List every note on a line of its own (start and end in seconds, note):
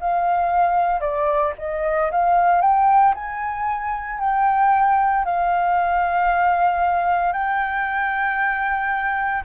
0.00 1.00 F5
1.00 1.53 D5
1.58 2.11 D#5
2.11 2.61 F5
2.61 3.14 G5
3.14 4.20 G#5
4.20 5.25 G5
5.25 7.33 F5
7.33 9.43 G5